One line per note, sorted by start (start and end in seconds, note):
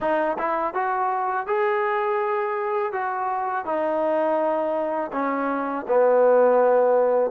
0.00 0.37 D#4
0.38 0.74 E4
0.74 1.46 F#4
1.46 2.92 G#4
2.92 3.65 F#4
3.65 5.11 D#4
5.12 5.85 C#4
5.88 7.30 B3